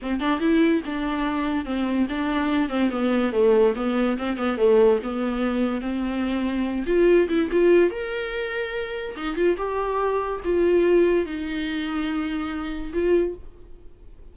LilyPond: \new Staff \with { instrumentName = "viola" } { \time 4/4 \tempo 4 = 144 c'8 d'8 e'4 d'2 | c'4 d'4. c'8 b4 | a4 b4 c'8 b8 a4 | b2 c'2~ |
c'8 f'4 e'8 f'4 ais'4~ | ais'2 dis'8 f'8 g'4~ | g'4 f'2 dis'4~ | dis'2. f'4 | }